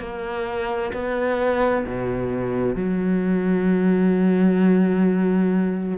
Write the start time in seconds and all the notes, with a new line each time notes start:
0.00 A#3
0.93 B3
1.86 B2
2.76 F#3